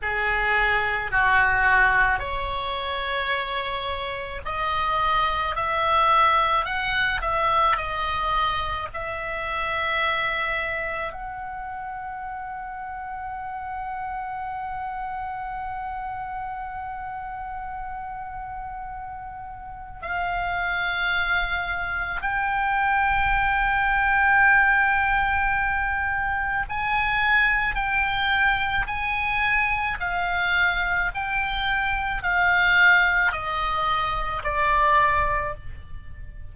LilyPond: \new Staff \with { instrumentName = "oboe" } { \time 4/4 \tempo 4 = 54 gis'4 fis'4 cis''2 | dis''4 e''4 fis''8 e''8 dis''4 | e''2 fis''2~ | fis''1~ |
fis''2 f''2 | g''1 | gis''4 g''4 gis''4 f''4 | g''4 f''4 dis''4 d''4 | }